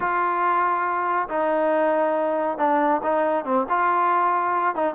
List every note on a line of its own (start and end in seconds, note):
0.00 1.28 F4
1.29 2.58 D#4
2.58 3.01 D4
3.02 3.45 D#4
3.45 3.66 C4
3.69 4.75 F4
4.75 4.94 D#4